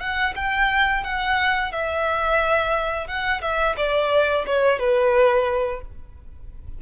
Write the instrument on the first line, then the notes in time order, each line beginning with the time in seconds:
violin
0.00 F#5
0.36 G5
1.04 F#5
1.72 E5
3.07 F#5
3.42 E5
3.77 D5
4.46 C#5
4.79 B4